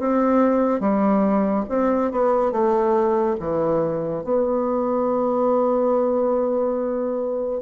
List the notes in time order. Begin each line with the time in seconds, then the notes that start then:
0.00 C4
0.81 G3
1.69 C4
2.12 B3
2.52 A3
3.40 E3
4.24 B3